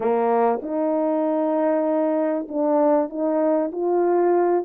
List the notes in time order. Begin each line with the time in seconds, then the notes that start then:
0.00 A#3
0.62 D#4
2.48 D4
3.09 D#4
3.72 F4